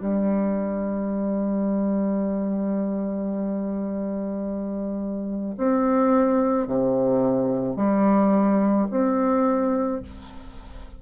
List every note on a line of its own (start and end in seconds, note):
0.00 5.56 G3
5.58 6.68 C4
6.68 7.77 C3
7.77 8.88 G3
8.91 10.02 C4